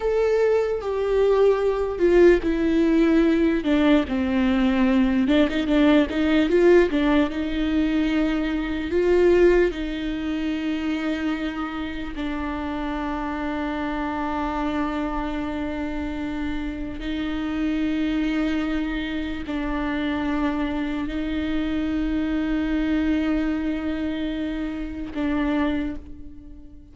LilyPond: \new Staff \with { instrumentName = "viola" } { \time 4/4 \tempo 4 = 74 a'4 g'4. f'8 e'4~ | e'8 d'8 c'4. d'16 dis'16 d'8 dis'8 | f'8 d'8 dis'2 f'4 | dis'2. d'4~ |
d'1~ | d'4 dis'2. | d'2 dis'2~ | dis'2. d'4 | }